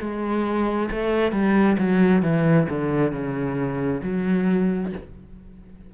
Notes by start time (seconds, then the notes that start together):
0.00 G#3
0.91 A3
1.32 G3
1.78 F#3
2.23 E3
2.69 D3
3.12 C#3
4.03 F#3